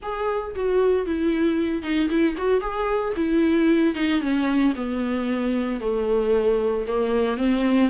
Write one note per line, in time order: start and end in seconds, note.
0.02 0.55 G#4
0.55 1.06 F#4
1.06 1.82 E4
1.82 2.08 D#4
2.09 2.36 E4
2.37 2.60 F#4
2.60 3.13 G#4
3.16 3.94 E4
3.94 4.21 D#4
4.21 4.73 C#4
4.75 5.80 B3
5.80 6.85 A3
6.87 7.37 A#3
7.37 7.89 C4